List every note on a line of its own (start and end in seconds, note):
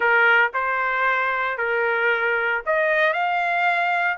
0.00 0.51 A#4
0.53 1.57 C5
1.57 2.62 A#4
2.66 3.13 D#5
3.13 4.17 F5